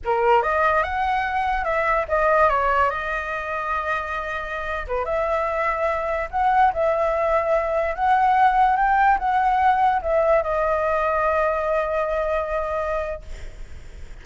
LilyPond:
\new Staff \with { instrumentName = "flute" } { \time 4/4 \tempo 4 = 145 ais'4 dis''4 fis''2 | e''4 dis''4 cis''4 dis''4~ | dis''2.~ dis''8. b'16~ | b'16 e''2. fis''8.~ |
fis''16 e''2. fis''8.~ | fis''4~ fis''16 g''4 fis''4.~ fis''16~ | fis''16 e''4 dis''2~ dis''8.~ | dis''1 | }